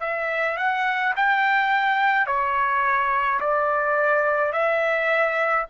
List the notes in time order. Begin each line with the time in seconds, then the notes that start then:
0.00 E5
0.57 F#5
1.16 G5
2.26 C#5
3.40 D5
4.52 E5